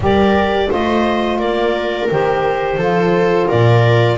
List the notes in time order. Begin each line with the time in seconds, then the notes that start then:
0.00 G3 G4 A#4 D5
0.68 A3 F4 C5 D#5
1.38 A#3 A#4 D5
2.10 D#3 G4 C5
2.76 F3 F4 A4
3.47 A#2 A#4 D5